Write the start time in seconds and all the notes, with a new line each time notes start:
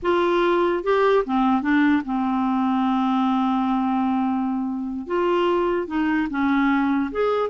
0.02 F4
0.83 G4
1.25 C4
1.62 D4
2.05 C4
5.07 F4
5.87 D#4
6.29 C#4
7.11 G#4